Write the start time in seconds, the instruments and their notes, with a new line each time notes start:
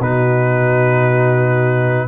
0.00 tuba B2, trombone D#4, horn F#4, trumpet B4